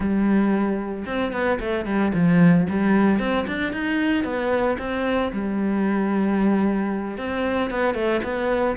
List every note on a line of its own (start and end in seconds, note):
0.00 1.05 G3
1.05 1.32 C4
1.32 1.59 B3
1.60 1.85 A3
1.85 2.12 G3
2.14 2.67 F3
2.69 3.19 G3
3.19 3.45 C4
3.47 3.72 D4
3.72 4.24 D#4
4.24 4.77 B3
4.78 5.31 C4
5.32 7.17 G3
7.17 7.70 C4
7.70 7.94 B3
7.94 8.21 A3
8.23 8.76 B3